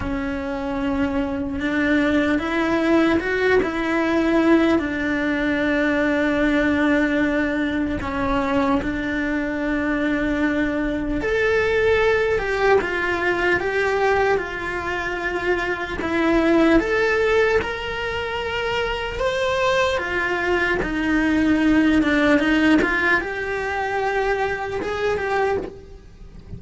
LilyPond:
\new Staff \with { instrumentName = "cello" } { \time 4/4 \tempo 4 = 75 cis'2 d'4 e'4 | fis'8 e'4. d'2~ | d'2 cis'4 d'4~ | d'2 a'4. g'8 |
f'4 g'4 f'2 | e'4 a'4 ais'2 | c''4 f'4 dis'4. d'8 | dis'8 f'8 g'2 gis'8 g'8 | }